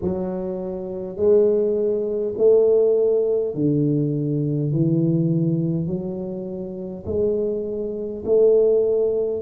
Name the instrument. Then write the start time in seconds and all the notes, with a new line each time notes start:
tuba
0.01 F#3
1.16 G#3
2.37 A3
3.54 D3
4.72 E3
5.86 F#3
7.06 G#3
8.25 A3